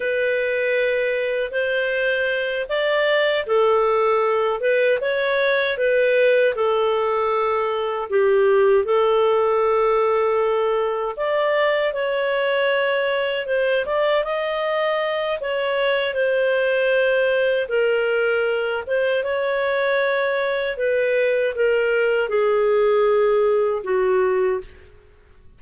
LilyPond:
\new Staff \with { instrumentName = "clarinet" } { \time 4/4 \tempo 4 = 78 b'2 c''4. d''8~ | d''8 a'4. b'8 cis''4 b'8~ | b'8 a'2 g'4 a'8~ | a'2~ a'8 d''4 cis''8~ |
cis''4. c''8 d''8 dis''4. | cis''4 c''2 ais'4~ | ais'8 c''8 cis''2 b'4 | ais'4 gis'2 fis'4 | }